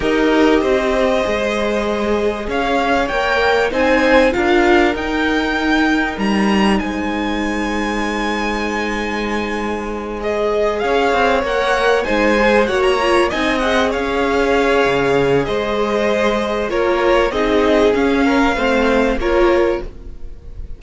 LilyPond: <<
  \new Staff \with { instrumentName = "violin" } { \time 4/4 \tempo 4 = 97 dis''1 | f''4 g''4 gis''4 f''4 | g''2 ais''4 gis''4~ | gis''1~ |
gis''8 dis''4 f''4 fis''4 gis''8~ | gis''8 fis''16 ais''8. gis''8 fis''8 f''4.~ | f''4 dis''2 cis''4 | dis''4 f''2 cis''4 | }
  \new Staff \with { instrumentName = "violin" } { \time 4/4 ais'4 c''2. | cis''2 c''4 ais'4~ | ais'2. c''4~ | c''1~ |
c''4. cis''2 c''8~ | c''8 cis''4 dis''4 cis''4.~ | cis''4 c''2 ais'4 | gis'4. ais'8 c''4 ais'4 | }
  \new Staff \with { instrumentName = "viola" } { \time 4/4 g'2 gis'2~ | gis'4 ais'4 dis'4 f'4 | dis'1~ | dis'1~ |
dis'8 gis'2 ais'4 dis'8 | gis'8 fis'8 f'8 dis'8 gis'2~ | gis'2. f'4 | dis'4 cis'4 c'4 f'4 | }
  \new Staff \with { instrumentName = "cello" } { \time 4/4 dis'4 c'4 gis2 | cis'4 ais4 c'4 d'4 | dis'2 g4 gis4~ | gis1~ |
gis4. cis'8 c'8 ais4 gis8~ | gis8 ais4 c'4 cis'4. | cis4 gis2 ais4 | c'4 cis'4 a4 ais4 | }
>>